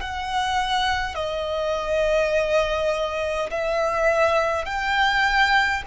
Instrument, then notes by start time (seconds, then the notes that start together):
violin
0.00 F#5
1.14 D#5
3.50 E5
4.65 G5